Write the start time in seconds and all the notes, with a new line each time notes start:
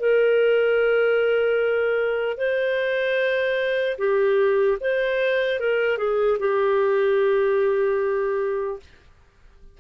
0.00 A#4
2.37 C5
3.98 G4
4.81 C5
5.60 A#4
5.98 G#4
6.40 G4